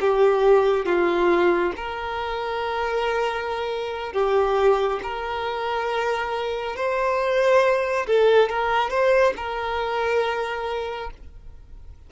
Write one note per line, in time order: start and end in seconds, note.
0.00 0.85 G4
0.85 1.72 F4
1.76 4.13 A#4
4.13 5.00 G4
5.02 6.75 A#4
6.75 8.06 C5
8.07 8.49 A4
8.49 8.89 A#4
8.89 9.33 C5
9.36 11.10 A#4